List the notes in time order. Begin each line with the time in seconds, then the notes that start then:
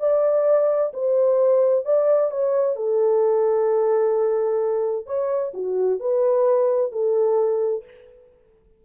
0.00 D5
0.93 C5
1.85 D5
2.31 C#5
2.76 A4
5.06 C#5
5.54 F#4
6.00 B4
6.92 A4